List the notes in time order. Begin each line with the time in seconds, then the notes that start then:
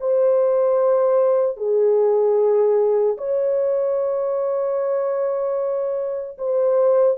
0.00 C5
1.57 G#4
3.17 C#5
6.38 C5